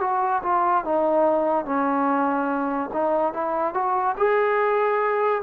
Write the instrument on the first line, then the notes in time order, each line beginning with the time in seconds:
trombone
0.00 F#4
0.42 F4
0.84 D#4
1.65 C#4
2.93 D#4
3.33 E4
3.73 F#4
4.17 G#4